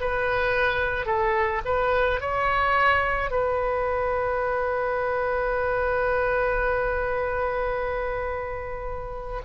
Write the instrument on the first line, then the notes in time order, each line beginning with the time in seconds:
oboe
0.00 B4
1.06 A4
1.65 B4
2.21 C#5
3.30 B4